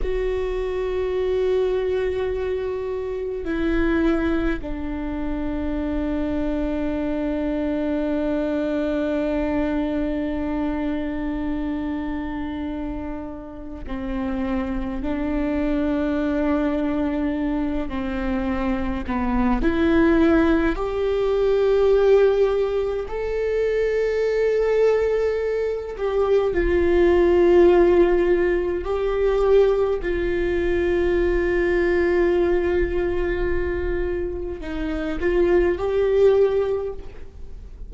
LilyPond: \new Staff \with { instrumentName = "viola" } { \time 4/4 \tempo 4 = 52 fis'2. e'4 | d'1~ | d'1 | c'4 d'2~ d'8 c'8~ |
c'8 b8 e'4 g'2 | a'2~ a'8 g'8 f'4~ | f'4 g'4 f'2~ | f'2 dis'8 f'8 g'4 | }